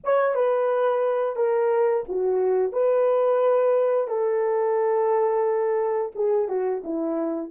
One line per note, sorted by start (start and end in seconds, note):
0.03 0.34 C#5
0.34 1.35 B4
1.35 2.04 A#4
2.08 2.72 F#4
2.72 4.07 B4
4.07 6.12 A4
6.15 6.48 G#4
6.48 6.82 F#4
6.84 7.51 E4